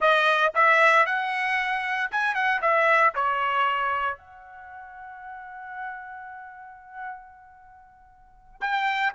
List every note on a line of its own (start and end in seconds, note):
0.00 0.52 D#5
0.54 1.06 E5
1.06 2.10 F#5
2.11 2.34 G#5
2.34 2.60 F#5
2.61 3.13 E5
3.14 4.17 C#5
4.17 8.60 F#5
8.60 9.13 G5